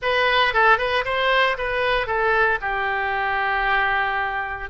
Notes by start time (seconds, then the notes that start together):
0.01 B4
0.53 A4
0.78 B4
1.05 C5
1.57 B4
2.06 A4
2.61 G4